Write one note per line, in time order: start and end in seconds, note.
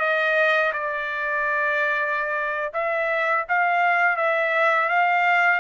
0.00 0.72 D#5
0.73 2.72 D5
2.74 3.46 E5
3.49 4.17 F5
4.17 4.89 E5
4.89 5.61 F5